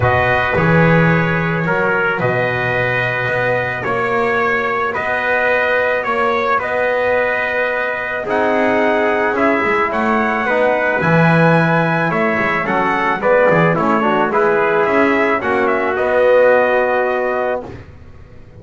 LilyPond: <<
  \new Staff \with { instrumentName = "trumpet" } { \time 4/4 \tempo 4 = 109 dis''4 cis''2. | dis''2. cis''4~ | cis''4 dis''2 cis''4 | dis''2. fis''4~ |
fis''4 e''4 fis''2 | gis''2 e''4 fis''4 | d''4 cis''4 b'4 e''4 | fis''8 e''8 dis''2. | }
  \new Staff \with { instrumentName = "trumpet" } { \time 4/4 b'2. ais'4 | b'2. cis''4~ | cis''4 b'2 cis''4 | b'2. gis'4~ |
gis'2 cis''4 b'4~ | b'2 cis''4 a'4 | b'8 gis'8 e'8 fis'8 gis'2 | fis'1 | }
  \new Staff \with { instrumentName = "trombone" } { \time 4/4 fis'4 gis'2 fis'4~ | fis'1~ | fis'1~ | fis'2. dis'4~ |
dis'4 e'2 dis'4 | e'2. cis'4 | b4 cis'8 d'8 e'2 | cis'4 b2. | }
  \new Staff \with { instrumentName = "double bass" } { \time 4/4 b,4 e2 fis4 | b,2 b4 ais4~ | ais4 b2 ais4 | b2. c'4~ |
c'4 cis'8 gis8 a4 b4 | e2 a8 gis8 fis4 | gis8 e8 a4 gis4 cis'4 | ais4 b2. | }
>>